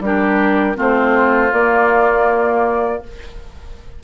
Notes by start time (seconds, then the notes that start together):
0.00 G3 D4 G4 A#4
0.75 A3 C4 F4
0.81 C5
1.53 A#3 D5